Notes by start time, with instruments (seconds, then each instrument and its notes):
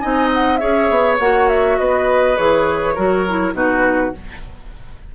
0.00 bassoon C4, clarinet D#4, oboe D#5, flute G#5
0.34 flute F#5
0.57 bassoon C#4, clarinet G#4, oboe C#5, flute E5
0.90 bassoon B3
1.20 bassoon A#3, clarinet F#4, flute F#5
1.49 flute E5
1.78 bassoon B3, oboe B4, flute D#5
2.37 bassoon E3, clarinet G#4, flute C#5
2.95 bassoon F#3, clarinet F#4, oboe A#4
3.28 clarinet E4
3.53 bassoon B2, clarinet D#4, oboe F#4, flute B4